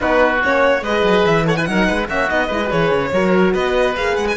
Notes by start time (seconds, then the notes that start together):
0.00 B3 D#4 F#4 B4
0.43 A#3 C#4 C#5
0.81 G#3 G#4 B4 D#5
1.03 F#3
1.25 E3 E5
1.45 A4 C#5 F#5
1.56 E4 B4 G#5
1.65 F#3 D#4 A#4 F#5
1.86 G#3 B4
2.08 A#3 C#4 F#4 E5
2.29 B3 D#4 D#5
2.47 G#3 E4 B4
2.64 F#4 G#4
2.70 E3 C#5
2.91 C#3
3.12 F#3 F#4 A#4
3.53 B3 B4 D#5
3.96 A#3 G#4 F5
4.16 G#3 F#5
4.28 G#5